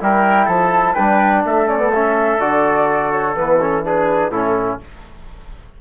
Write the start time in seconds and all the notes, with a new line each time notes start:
0.00 G3 E4 A#4 G5
0.45 F3 A4 A5
0.94 G3 D4 B4 G5
1.45 A3 A4 E5
1.67 C#4 D5
1.78 B3
1.93 C#4 E5
2.40 D3 F#4 D5
3.11 C#5
3.35 E3 B3 B4
3.61 C#4 A4
3.84 D4 G#4 B4
4.30 A2 C#4 E4 A4